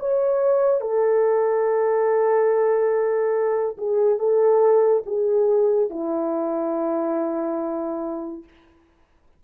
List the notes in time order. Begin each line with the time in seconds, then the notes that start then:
0.00 C#5
0.81 A4
3.78 G#4
4.19 A4
5.06 G#4
5.91 E4